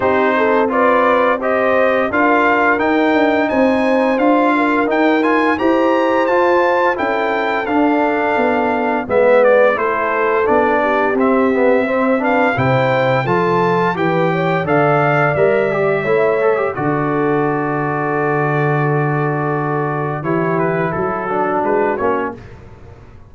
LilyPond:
<<
  \new Staff \with { instrumentName = "trumpet" } { \time 4/4 \tempo 4 = 86 c''4 d''4 dis''4 f''4 | g''4 gis''4 f''4 g''8 gis''8 | ais''4 a''4 g''4 f''4~ | f''4 e''8 d''8 c''4 d''4 |
e''4. f''8 g''4 a''4 | g''4 f''4 e''2 | d''1~ | d''4 cis''8 b'8 a'4 b'8 cis''8 | }
  \new Staff \with { instrumentName = "horn" } { \time 4/4 g'8 a'8 b'4 c''4 ais'4~ | ais'4 c''4. ais'4. | c''2 a'2~ | a'4 b'4 a'4. g'8~ |
g'4 c''8 b'8 c''4 a'4 | b'8 cis''8 d''2 cis''4 | a'1~ | a'4 g'4 fis'2 | }
  \new Staff \with { instrumentName = "trombone" } { \time 4/4 dis'4 f'4 g'4 f'4 | dis'2 f'4 dis'8 f'8 | g'4 f'4 e'4 d'4~ | d'4 b4 e'4 d'4 |
c'8 b8 c'8 d'8 e'4 f'4 | g'4 a'4 ais'8 g'8 e'8 a'16 g'16 | fis'1~ | fis'4 e'4. d'4 cis'8 | }
  \new Staff \with { instrumentName = "tuba" } { \time 4/4 c'2. d'4 | dis'8 d'8 c'4 d'4 dis'4 | e'4 f'4 cis'4 d'4 | b4 gis4 a4 b4 |
c'2 c4 f4 | e4 d4 g4 a4 | d1~ | d4 e4 fis4 gis8 ais8 | }
>>